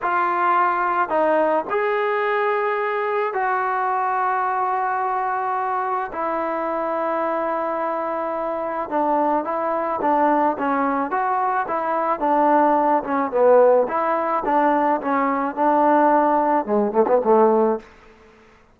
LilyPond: \new Staff \with { instrumentName = "trombone" } { \time 4/4 \tempo 4 = 108 f'2 dis'4 gis'4~ | gis'2 fis'2~ | fis'2. e'4~ | e'1 |
d'4 e'4 d'4 cis'4 | fis'4 e'4 d'4. cis'8 | b4 e'4 d'4 cis'4 | d'2 gis8 a16 b16 a4 | }